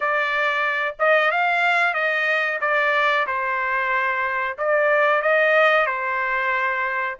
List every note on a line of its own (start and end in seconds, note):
0.00 0.95 D5
0.99 1.31 D#5
1.31 1.94 F5
1.94 2.59 D#5
2.61 3.26 D5
3.26 4.57 C5
4.57 5.22 D5
5.22 5.86 D#5
5.86 7.16 C5